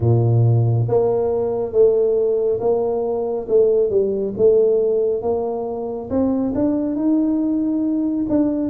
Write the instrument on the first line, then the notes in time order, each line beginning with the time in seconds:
tuba
0.00 A#2
0.88 A#3
1.72 A3
2.60 A#3
3.48 A3
3.90 G3
4.37 A3
5.22 A#3
6.09 C4
6.55 D4
6.95 D#4
8.29 D4